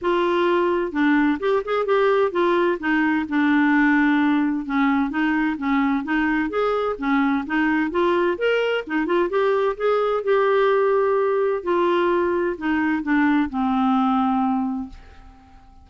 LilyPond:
\new Staff \with { instrumentName = "clarinet" } { \time 4/4 \tempo 4 = 129 f'2 d'4 g'8 gis'8 | g'4 f'4 dis'4 d'4~ | d'2 cis'4 dis'4 | cis'4 dis'4 gis'4 cis'4 |
dis'4 f'4 ais'4 dis'8 f'8 | g'4 gis'4 g'2~ | g'4 f'2 dis'4 | d'4 c'2. | }